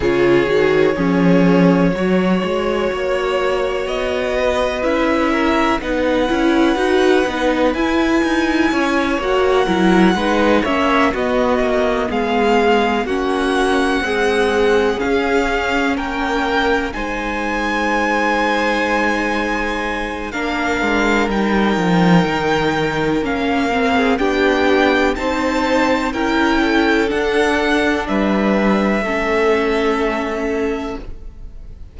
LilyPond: <<
  \new Staff \with { instrumentName = "violin" } { \time 4/4 \tempo 4 = 62 cis''1 | dis''4 e''4 fis''2 | gis''4. fis''4. e''8 dis''8~ | dis''8 f''4 fis''2 f''8~ |
f''8 g''4 gis''2~ gis''8~ | gis''4 f''4 g''2 | f''4 g''4 a''4 g''4 | fis''4 e''2. | }
  \new Staff \with { instrumentName = "violin" } { \time 4/4 gis'4 cis'4 cis''2~ | cis''8 b'4 ais'8 b'2~ | b'4 cis''4 ais'8 b'8 cis''8 fis'8~ | fis'8 gis'4 fis'4 gis'4.~ |
gis'8 ais'4 c''2~ c''8~ | c''4 ais'2.~ | ais'8. gis'16 g'4 c''4 ais'8 a'8~ | a'4 b'4 a'2 | }
  \new Staff \with { instrumentName = "viola" } { \time 4/4 f'8 fis'8 gis'4 fis'2~ | fis'4 e'4 dis'8 e'8 fis'8 dis'8 | e'4. fis'8 e'8 dis'8 cis'8 b8~ | b4. cis'4 gis4 cis'8~ |
cis'4. dis'2~ dis'8~ | dis'4 d'4 dis'2 | cis'8 c'8 d'4 dis'4 e'4 | d'2 cis'2 | }
  \new Staff \with { instrumentName = "cello" } { \time 4/4 cis8 dis8 f4 fis8 gis8 ais4 | b4 cis'4 b8 cis'8 dis'8 b8 | e'8 dis'8 cis'8 ais8 fis8 gis8 ais8 b8 | ais8 gis4 ais4 c'4 cis'8~ |
cis'8 ais4 gis2~ gis8~ | gis4 ais8 gis8 g8 f8 dis4 | ais4 b4 c'4 cis'4 | d'4 g4 a2 | }
>>